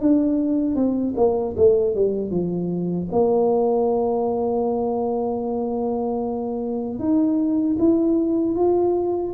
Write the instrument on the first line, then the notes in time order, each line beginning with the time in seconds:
tuba
0.00 D4
0.75 C4
1.16 A#3
1.57 A3
1.95 G3
2.30 F3
3.12 A#3
6.99 D#4
7.79 E4
8.55 F4